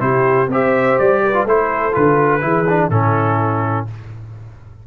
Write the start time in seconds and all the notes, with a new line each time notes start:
0.00 C3 E4 G4 C5
0.48 C4 G4 C5
0.54 E5
0.98 G3 D5
1.24 B4
1.34 F4
1.45 A3 E4 A4 C5
1.92 D3 F4 B4
2.41 E3 E4 G#4
2.69 D4
2.90 A2 C#4 E4 A4